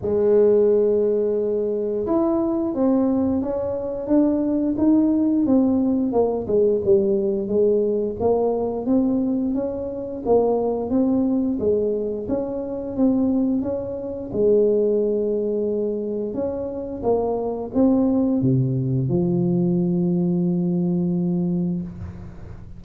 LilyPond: \new Staff \with { instrumentName = "tuba" } { \time 4/4 \tempo 4 = 88 gis2. e'4 | c'4 cis'4 d'4 dis'4 | c'4 ais8 gis8 g4 gis4 | ais4 c'4 cis'4 ais4 |
c'4 gis4 cis'4 c'4 | cis'4 gis2. | cis'4 ais4 c'4 c4 | f1 | }